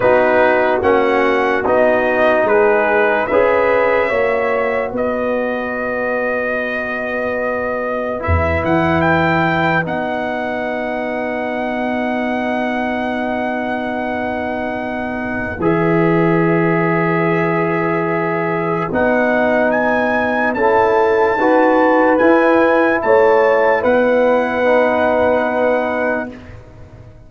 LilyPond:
<<
  \new Staff \with { instrumentName = "trumpet" } { \time 4/4 \tempo 4 = 73 b'4 fis''4 dis''4 b'4 | e''2 dis''2~ | dis''2 e''8 fis''8 g''4 | fis''1~ |
fis''2. e''4~ | e''2. fis''4 | gis''4 a''2 gis''4 | a''4 fis''2. | }
  \new Staff \with { instrumentName = "horn" } { \time 4/4 fis'2. gis'4 | b'4 cis''4 b'2~ | b'1~ | b'1~ |
b'1~ | b'1~ | b'4 a'4 b'2 | cis''4 b'2. | }
  \new Staff \with { instrumentName = "trombone" } { \time 4/4 dis'4 cis'4 dis'2 | gis'4 fis'2.~ | fis'2 e'2 | dis'1~ |
dis'2. gis'4~ | gis'2. dis'4~ | dis'4 e'4 fis'4 e'4~ | e'2 dis'2 | }
  \new Staff \with { instrumentName = "tuba" } { \time 4/4 b4 ais4 b4 gis4 | cis'4 ais4 b2~ | b2 e,8 e4. | b1~ |
b2. e4~ | e2. b4~ | b4 cis'4 dis'4 e'4 | a4 b2. | }
>>